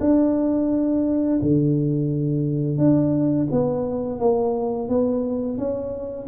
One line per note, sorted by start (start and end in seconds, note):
0.00 1.40 D4
1.42 2.78 D3
2.78 3.48 D4
3.51 4.19 B3
4.19 4.89 A#3
4.89 5.58 B3
5.58 6.28 C#4